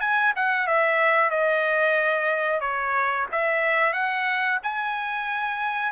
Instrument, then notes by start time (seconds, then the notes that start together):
trumpet
0.00 G#5
0.36 F#5
0.67 E5
1.30 D#5
2.60 C#5
3.31 E5
3.93 F#5
4.63 G#5